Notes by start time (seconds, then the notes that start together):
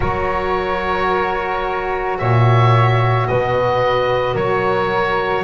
0.00 F#3 F#4 A#4 C#5
2.18 A#2 C#5 E5
3.27 B2 B4 D#5
4.33 F#3 A#4 C#5